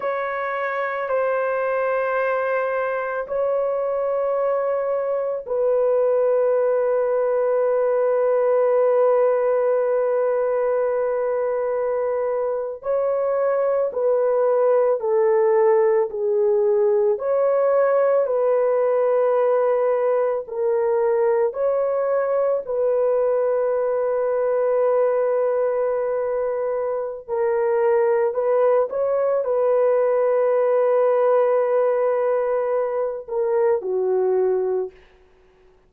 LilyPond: \new Staff \with { instrumentName = "horn" } { \time 4/4 \tempo 4 = 55 cis''4 c''2 cis''4~ | cis''4 b'2.~ | b'2.~ b'8. cis''16~ | cis''8. b'4 a'4 gis'4 cis''16~ |
cis''8. b'2 ais'4 cis''16~ | cis''8. b'2.~ b'16~ | b'4 ais'4 b'8 cis''8 b'4~ | b'2~ b'8 ais'8 fis'4 | }